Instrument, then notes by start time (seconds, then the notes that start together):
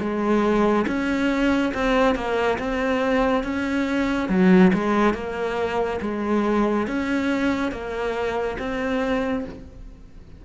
cello
0.00 G#3
0.87 C#4
1.74 C4
2.15 A#3
2.58 C4
3.44 C#4
4.29 F#3
4.73 G#3
5.14 A#3
6.01 G#3
6.87 C#4
7.72 A#3
8.59 C4